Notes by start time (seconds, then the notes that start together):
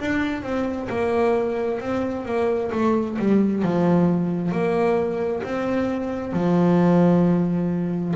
0.00 D4
0.43 C4
0.90 A#3
1.81 C4
2.26 A#3
2.72 A3
3.19 G3
3.63 F3
4.52 A#3
5.44 C4
6.33 F3